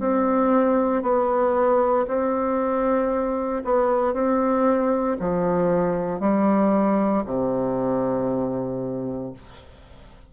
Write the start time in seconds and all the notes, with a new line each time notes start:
0.00 C4
1.03 B3
2.08 C4
3.65 B3
4.14 C4
5.20 F3
6.21 G3
7.26 C3